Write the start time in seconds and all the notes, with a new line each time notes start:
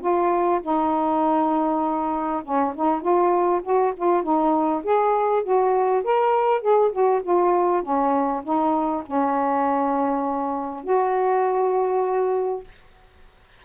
0.00 F4
0.62 D#4
2.43 C#4
2.75 D#4
3.01 F4
3.63 F#4
3.96 F4
4.22 D#4
4.83 G#4
5.43 F#4
6.03 A#4
6.61 G#4
6.91 F#4
7.22 F4
7.82 C#4
8.43 D#4
9.06 C#4
10.83 F#4